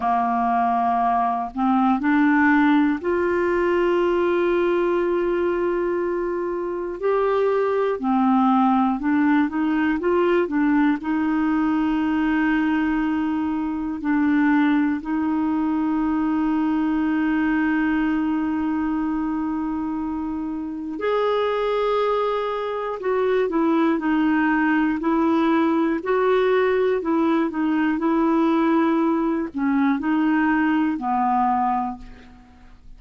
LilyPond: \new Staff \with { instrumentName = "clarinet" } { \time 4/4 \tempo 4 = 60 ais4. c'8 d'4 f'4~ | f'2. g'4 | c'4 d'8 dis'8 f'8 d'8 dis'4~ | dis'2 d'4 dis'4~ |
dis'1~ | dis'4 gis'2 fis'8 e'8 | dis'4 e'4 fis'4 e'8 dis'8 | e'4. cis'8 dis'4 b4 | }